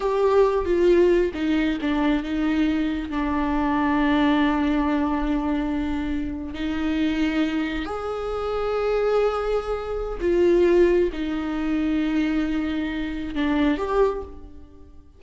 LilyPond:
\new Staff \with { instrumentName = "viola" } { \time 4/4 \tempo 4 = 135 g'4. f'4. dis'4 | d'4 dis'2 d'4~ | d'1~ | d'2~ d'8. dis'4~ dis'16~ |
dis'4.~ dis'16 gis'2~ gis'16~ | gis'2. f'4~ | f'4 dis'2.~ | dis'2 d'4 g'4 | }